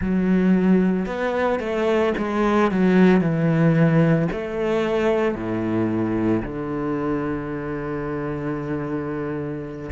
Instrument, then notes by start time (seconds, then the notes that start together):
cello
0.00 F#3
1.06 B3
1.59 A3
2.17 G#3
2.71 F#3
3.20 E3
4.31 A3
5.35 A2
6.42 D3